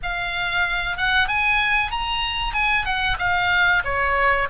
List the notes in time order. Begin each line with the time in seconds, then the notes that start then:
0.02 F5
0.97 F#5
1.28 G#5
1.91 A#5
2.53 G#5
2.85 F#5
3.19 F5
3.84 C#5